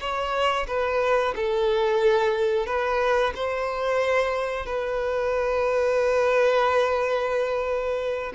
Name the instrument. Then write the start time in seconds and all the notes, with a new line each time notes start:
violin
0.00 C#5
0.67 B4
1.36 A4
2.66 B4
3.35 C5
4.66 B4